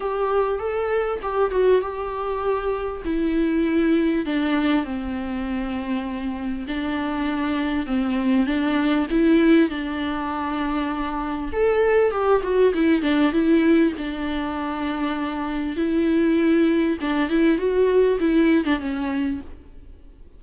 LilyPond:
\new Staff \with { instrumentName = "viola" } { \time 4/4 \tempo 4 = 99 g'4 a'4 g'8 fis'8 g'4~ | g'4 e'2 d'4 | c'2. d'4~ | d'4 c'4 d'4 e'4 |
d'2. a'4 | g'8 fis'8 e'8 d'8 e'4 d'4~ | d'2 e'2 | d'8 e'8 fis'4 e'8. d'16 cis'4 | }